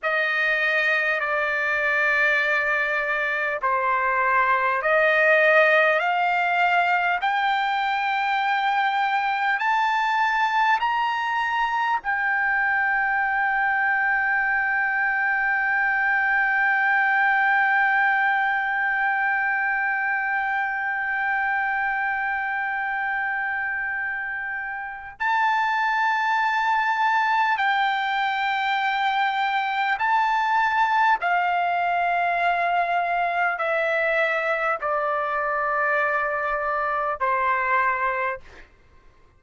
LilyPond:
\new Staff \with { instrumentName = "trumpet" } { \time 4/4 \tempo 4 = 50 dis''4 d''2 c''4 | dis''4 f''4 g''2 | a''4 ais''4 g''2~ | g''1~ |
g''1~ | g''4 a''2 g''4~ | g''4 a''4 f''2 | e''4 d''2 c''4 | }